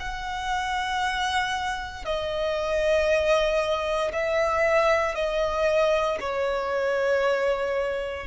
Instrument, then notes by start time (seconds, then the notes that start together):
violin
0.00 F#5
2.05 D#5
4.13 E5
5.15 D#5
6.20 C#5